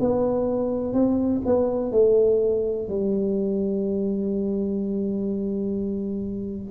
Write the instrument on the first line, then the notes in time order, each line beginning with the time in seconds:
tuba
0.00 B3
0.93 C4
1.46 B3
1.92 A3
2.89 G3